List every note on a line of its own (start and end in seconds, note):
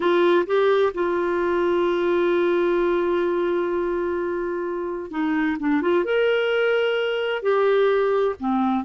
0.00 0.45 F4
0.46 0.92 G4
0.93 5.10 F4
5.10 5.57 D#4
5.59 5.81 D4
5.81 6.04 F4
6.04 7.42 A#4
7.42 8.35 G4
8.39 8.84 C4